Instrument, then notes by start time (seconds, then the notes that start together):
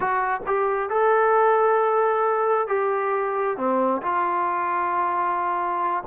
trombone
0.00 F#4
0.46 G4
0.89 A4
2.67 G4
3.57 C4
4.02 F4